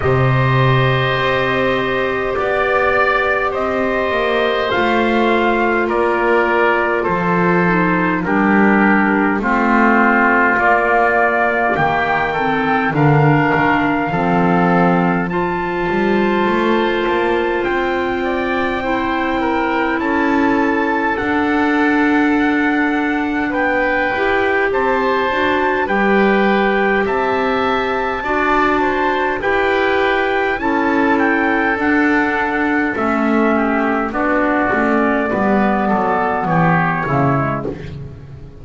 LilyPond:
<<
  \new Staff \with { instrumentName = "trumpet" } { \time 4/4 \tempo 4 = 51 dis''2 d''4 dis''4 | f''4 d''4 c''4 ais'4 | c''4 d''4 g''4 f''4~ | f''4 a''2 g''4~ |
g''4 a''4 fis''2 | g''4 a''4 g''4 a''4~ | a''4 g''4 a''8 g''8 fis''4 | e''4 d''2 cis''4 | }
  \new Staff \with { instrumentName = "oboe" } { \time 4/4 c''2 d''4 c''4~ | c''4 ais'4 a'4 g'4 | f'2 g'8 a'8 ais'4 | a'4 c''2~ c''8 d''8 |
c''8 ais'8 a'2. | b'4 c''4 b'4 e''4 | d''8 c''8 b'4 a'2~ | a'8 g'8 fis'4 b'8 a'8 g'8 e'8 | }
  \new Staff \with { instrumentName = "clarinet" } { \time 4/4 g'1 | f'2~ f'8 dis'8 d'4 | c'4 ais4. c'8 d'4 | c'4 f'2. |
e'2 d'2~ | d'8 g'4 fis'8 g'2 | fis'4 g'4 e'4 d'4 | cis'4 d'8 cis'8 b4. ais16 gis16 | }
  \new Staff \with { instrumentName = "double bass" } { \time 4/4 c4 c'4 b4 c'8 ais8 | a4 ais4 f4 g4 | a4 ais4 dis4 d8 dis8 | f4. g8 a8 ais8 c'4~ |
c'4 cis'4 d'2 | b8 e'8 c'8 d'8 g4 c'4 | d'4 e'4 cis'4 d'4 | a4 b8 a8 g8 fis8 e8 cis8 | }
>>